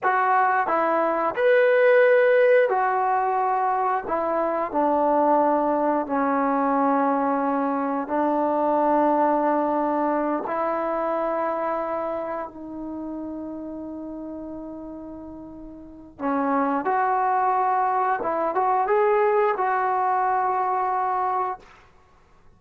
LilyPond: \new Staff \with { instrumentName = "trombone" } { \time 4/4 \tempo 4 = 89 fis'4 e'4 b'2 | fis'2 e'4 d'4~ | d'4 cis'2. | d'2.~ d'8 e'8~ |
e'2~ e'8 dis'4.~ | dis'1 | cis'4 fis'2 e'8 fis'8 | gis'4 fis'2. | }